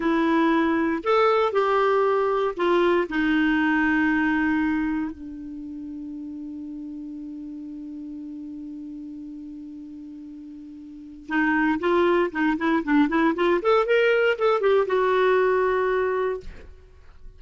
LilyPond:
\new Staff \with { instrumentName = "clarinet" } { \time 4/4 \tempo 4 = 117 e'2 a'4 g'4~ | g'4 f'4 dis'2~ | dis'2 d'2~ | d'1~ |
d'1~ | d'2 dis'4 f'4 | dis'8 e'8 d'8 e'8 f'8 a'8 ais'4 | a'8 g'8 fis'2. | }